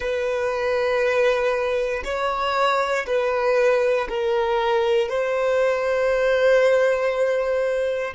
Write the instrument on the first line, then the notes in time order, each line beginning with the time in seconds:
violin
0.00 B4
2.04 C#5
3.06 B4
4.08 A#4
5.08 C5